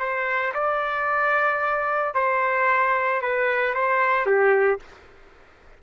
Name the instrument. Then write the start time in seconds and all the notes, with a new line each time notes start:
trumpet
0.00 C5
0.54 D5
2.15 C5
3.22 B4
3.75 C5
4.27 G4